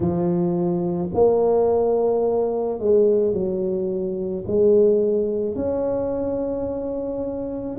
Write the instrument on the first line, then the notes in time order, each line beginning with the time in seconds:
tuba
0.00 F3
1.14 A#3
2.79 G#3
3.33 F#3
4.47 G#3
5.55 C#4